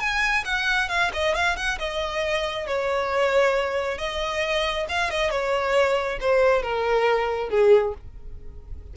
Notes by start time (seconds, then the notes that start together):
0.00 G#5
0.45 F#5
0.89 F5
1.13 D#5
1.35 F5
1.56 F#5
1.79 D#5
2.67 C#5
3.98 D#5
4.89 F5
5.11 D#5
5.30 C#5
6.20 C5
6.62 A#4
7.50 G#4